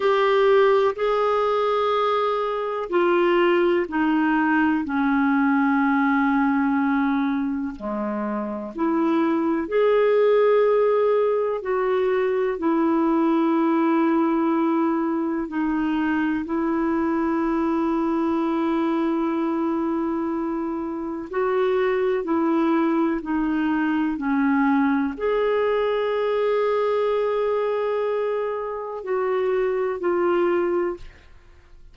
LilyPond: \new Staff \with { instrumentName = "clarinet" } { \time 4/4 \tempo 4 = 62 g'4 gis'2 f'4 | dis'4 cis'2. | gis4 e'4 gis'2 | fis'4 e'2. |
dis'4 e'2.~ | e'2 fis'4 e'4 | dis'4 cis'4 gis'2~ | gis'2 fis'4 f'4 | }